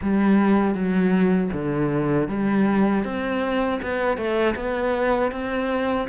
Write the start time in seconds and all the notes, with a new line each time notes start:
0.02 G3
0.74 F#3
1.52 D3
2.28 G3
3.04 C4
3.82 B3
4.17 A3
4.55 B3
5.31 C4